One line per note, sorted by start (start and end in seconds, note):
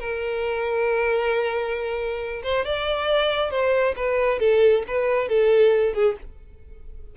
0.00 2.43 A#4
2.44 2.66 C5
2.66 3.51 D5
3.51 3.95 C5
3.97 4.40 B4
4.40 4.84 A4
4.88 5.29 B4
5.29 5.94 A4
5.94 6.16 G#4